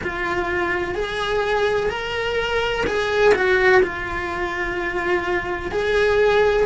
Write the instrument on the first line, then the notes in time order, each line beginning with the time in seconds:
cello
0.03 F4
0.94 G#4
1.89 A#4
2.86 G#4
3.34 F#4
3.82 F4
5.71 G#4